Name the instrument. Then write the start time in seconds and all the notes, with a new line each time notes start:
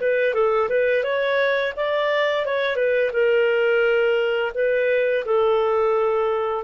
clarinet
0.00 B4
0.34 A4
0.69 B4
1.03 C#5
1.76 D5
2.45 C#5
2.76 B4
3.12 A#4
4.54 B4
5.25 A4